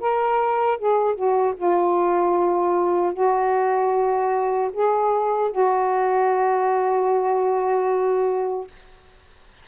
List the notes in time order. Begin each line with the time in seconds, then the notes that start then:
0.00 A#4
0.78 G#4
1.14 F#4
1.56 F4
3.13 F#4
4.73 G#4
5.51 F#4